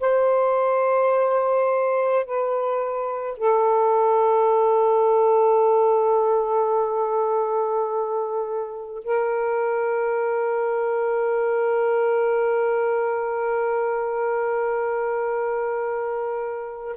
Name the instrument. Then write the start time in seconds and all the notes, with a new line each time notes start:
saxophone
0.00 C5
2.25 B4
3.38 A4
9.04 A#4